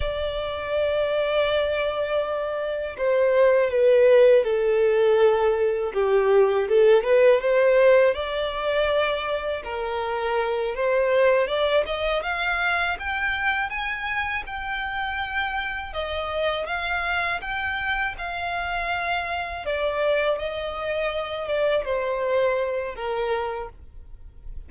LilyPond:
\new Staff \with { instrumentName = "violin" } { \time 4/4 \tempo 4 = 81 d''1 | c''4 b'4 a'2 | g'4 a'8 b'8 c''4 d''4~ | d''4 ais'4. c''4 d''8 |
dis''8 f''4 g''4 gis''4 g''8~ | g''4. dis''4 f''4 g''8~ | g''8 f''2 d''4 dis''8~ | dis''4 d''8 c''4. ais'4 | }